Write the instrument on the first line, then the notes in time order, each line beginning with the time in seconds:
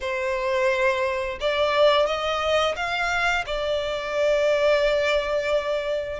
violin
0.00 C5
1.40 D5
2.06 D#5
2.76 F5
3.45 D5